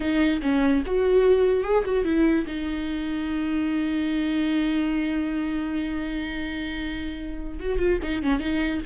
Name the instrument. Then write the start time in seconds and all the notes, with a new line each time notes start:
viola
0.00 D#4
0.42 C#4
0.85 F#4
1.63 G#4
1.84 F#4
2.04 E4
2.46 D#4
7.59 F#4
7.78 F4
8.02 D#4
8.22 C#4
8.39 D#4